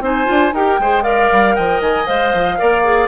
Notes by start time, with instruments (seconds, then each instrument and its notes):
0.00 bassoon C4, clarinet D#4, oboe C5, flute G#5
0.25 bassoon D4, clarinet F4
0.52 bassoon D#4, clarinet G4, oboe A#4, flute G5
0.79 bassoon G#3, clarinet G#4, oboe C5
1.03 clarinet A#4, oboe D5, flute F5
1.32 bassoon G3
1.55 bassoon F3, oboe D#5, flute G5
1.81 bassoon D#3, flute G#5
2.06 bassoon G#3, clarinet C5, flute F5
2.34 bassoon F3
2.57 bassoon A#3, clarinet A#4, oboe D5
2.84 clarinet G#4